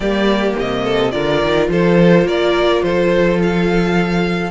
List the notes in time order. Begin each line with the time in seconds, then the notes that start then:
0.00 G3 A#3 G4 D5
0.59 C3 D#5
0.83 A4
1.11 D3 F4 A#4 D5
1.42 D#3
1.68 F3 A4 C5
2.24 A#3 A#4 D5
2.82 F3 A4 C5
3.42 F5